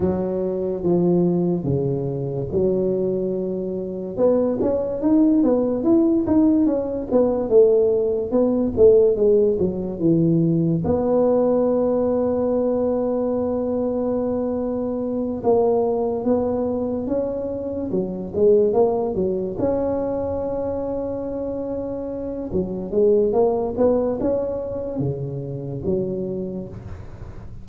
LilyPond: \new Staff \with { instrumentName = "tuba" } { \time 4/4 \tempo 4 = 72 fis4 f4 cis4 fis4~ | fis4 b8 cis'8 dis'8 b8 e'8 dis'8 | cis'8 b8 a4 b8 a8 gis8 fis8 | e4 b2.~ |
b2~ b8 ais4 b8~ | b8 cis'4 fis8 gis8 ais8 fis8 cis'8~ | cis'2. fis8 gis8 | ais8 b8 cis'4 cis4 fis4 | }